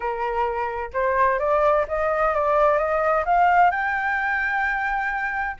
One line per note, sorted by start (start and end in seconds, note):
0.00 0.90 A#4
0.93 1.39 C5
1.39 1.85 D5
1.88 2.34 D#5
2.34 2.78 D5
2.78 3.24 D#5
3.25 3.70 F5
3.70 5.56 G5